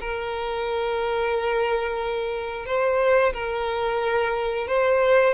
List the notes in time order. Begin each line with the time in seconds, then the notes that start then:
0.00 A#4
2.65 C5
3.33 A#4
4.67 C5